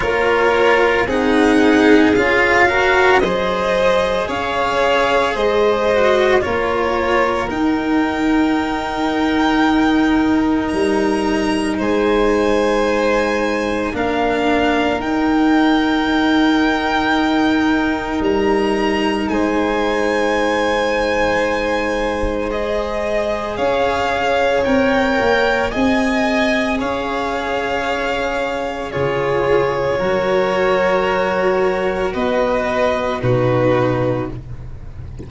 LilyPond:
<<
  \new Staff \with { instrumentName = "violin" } { \time 4/4 \tempo 4 = 56 cis''4 fis''4 f''4 dis''4 | f''4 dis''4 cis''4 g''4~ | g''2 ais''4 gis''4~ | gis''4 f''4 g''2~ |
g''4 ais''4 gis''2~ | gis''4 dis''4 f''4 g''4 | gis''4 f''2 cis''4~ | cis''2 dis''4 b'4 | }
  \new Staff \with { instrumentName = "violin" } { \time 4/4 ais'4 gis'4. ais'8 c''4 | cis''4 c''4 ais'2~ | ais'2. c''4~ | c''4 ais'2.~ |
ais'2 c''2~ | c''2 cis''2 | dis''4 cis''2 gis'4 | ais'2 b'4 fis'4 | }
  \new Staff \with { instrumentName = "cello" } { \time 4/4 f'4 dis'4 f'8 fis'8 gis'4~ | gis'4. fis'8 f'4 dis'4~ | dis'1~ | dis'4 d'4 dis'2~ |
dis'1~ | dis'4 gis'2 ais'4 | gis'2. f'4 | fis'2. dis'4 | }
  \new Staff \with { instrumentName = "tuba" } { \time 4/4 ais4 c'4 cis'4 fis4 | cis'4 gis4 ais4 dis'4~ | dis'2 g4 gis4~ | gis4 ais4 dis'2~ |
dis'4 g4 gis2~ | gis2 cis'4 c'8 ais8 | c'4 cis'2 cis4 | fis2 b4 b,4 | }
>>